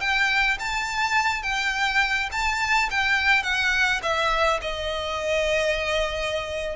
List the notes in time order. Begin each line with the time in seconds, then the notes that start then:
0.00 G5
0.60 A5
1.43 G5
2.32 A5
2.90 G5
3.43 F#5
4.03 E5
4.61 D#5